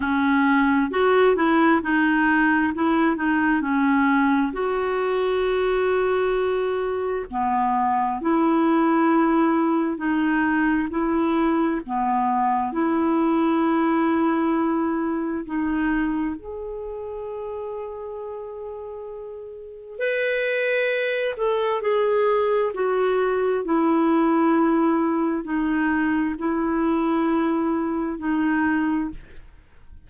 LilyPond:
\new Staff \with { instrumentName = "clarinet" } { \time 4/4 \tempo 4 = 66 cis'4 fis'8 e'8 dis'4 e'8 dis'8 | cis'4 fis'2. | b4 e'2 dis'4 | e'4 b4 e'2~ |
e'4 dis'4 gis'2~ | gis'2 b'4. a'8 | gis'4 fis'4 e'2 | dis'4 e'2 dis'4 | }